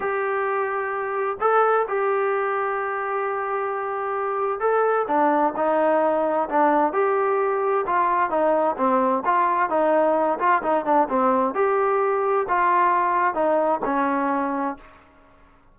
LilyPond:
\new Staff \with { instrumentName = "trombone" } { \time 4/4 \tempo 4 = 130 g'2. a'4 | g'1~ | g'2 a'4 d'4 | dis'2 d'4 g'4~ |
g'4 f'4 dis'4 c'4 | f'4 dis'4. f'8 dis'8 d'8 | c'4 g'2 f'4~ | f'4 dis'4 cis'2 | }